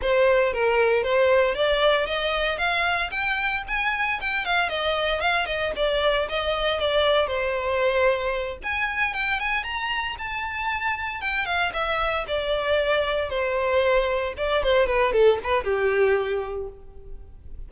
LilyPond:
\new Staff \with { instrumentName = "violin" } { \time 4/4 \tempo 4 = 115 c''4 ais'4 c''4 d''4 | dis''4 f''4 g''4 gis''4 | g''8 f''8 dis''4 f''8 dis''8 d''4 | dis''4 d''4 c''2~ |
c''8 gis''4 g''8 gis''8 ais''4 a''8~ | a''4. g''8 f''8 e''4 d''8~ | d''4. c''2 d''8 | c''8 b'8 a'8 b'8 g'2 | }